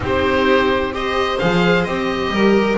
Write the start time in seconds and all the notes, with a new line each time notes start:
0.00 C4 D#4 G4 C5
0.92 G4 C5 D#5
1.38 F3 G#4 F5
1.84 C4 G4 D#5
2.29 G3 A#4